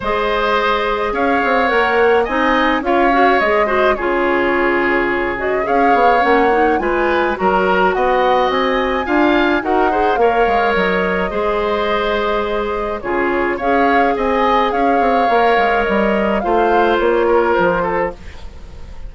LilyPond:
<<
  \new Staff \with { instrumentName = "flute" } { \time 4/4 \tempo 4 = 106 dis''2 f''4 fis''4 | gis''4 f''4 dis''4 cis''4~ | cis''4. dis''8 f''4 fis''4 | gis''4 ais''4 fis''4 gis''4~ |
gis''4 fis''4 f''4 dis''4~ | dis''2. cis''4 | f''4 gis''4 f''2 | dis''4 f''4 cis''4 c''4 | }
  \new Staff \with { instrumentName = "oboe" } { \time 4/4 c''2 cis''2 | dis''4 cis''4. c''8 gis'4~ | gis'2 cis''2 | b'4 ais'4 dis''2 |
f''4 ais'8 c''8 cis''2 | c''2. gis'4 | cis''4 dis''4 cis''2~ | cis''4 c''4. ais'4 a'8 | }
  \new Staff \with { instrumentName = "clarinet" } { \time 4/4 gis'2. ais'4 | dis'4 f'8 fis'8 gis'8 fis'8 f'4~ | f'4. fis'8 gis'4 cis'8 dis'8 | f'4 fis'2. |
f'4 fis'8 gis'8 ais'2 | gis'2. f'4 | gis'2. ais'4~ | ais'4 f'2. | }
  \new Staff \with { instrumentName = "bassoon" } { \time 4/4 gis2 cis'8 c'8 ais4 | c'4 cis'4 gis4 cis4~ | cis2 cis'8 b8 ais4 | gis4 fis4 b4 c'4 |
d'4 dis'4 ais8 gis8 fis4 | gis2. cis4 | cis'4 c'4 cis'8 c'8 ais8 gis8 | g4 a4 ais4 f4 | }
>>